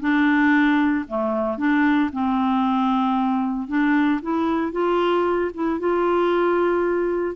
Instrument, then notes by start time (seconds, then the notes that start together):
clarinet
0.00 D4
1.08 A3
1.58 D4
2.12 C4
3.68 D4
4.22 E4
4.72 F4
5.54 E4
5.80 F4